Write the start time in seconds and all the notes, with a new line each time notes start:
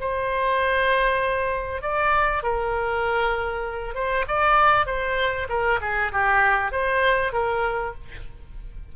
0.00 C5
1.81 D5
2.43 A#4
3.94 C5
4.27 D5
4.86 C5
5.49 A#4
5.81 G#4
6.12 G4
6.72 C5
7.32 A#4